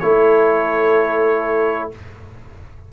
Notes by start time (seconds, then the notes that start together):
0.00 A3 E4 A4 C#5